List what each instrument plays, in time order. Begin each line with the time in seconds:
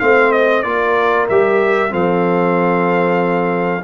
0.00 tuba A3, trombone C4, horn C5, trumpet F5
0.32 trumpet D#5
0.63 tuba A#3, trombone F4, horn A#4, trumpet D5
1.29 tuba G3, trombone G4, trumpet E5
1.90 tuba F3, trombone C4, horn A4, trumpet F5